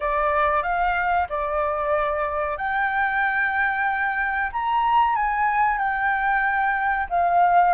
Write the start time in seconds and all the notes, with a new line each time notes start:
0.00 D5
0.62 F5
1.29 D5
2.57 G5
4.52 A#5
5.15 G#5
5.77 G5
7.09 F5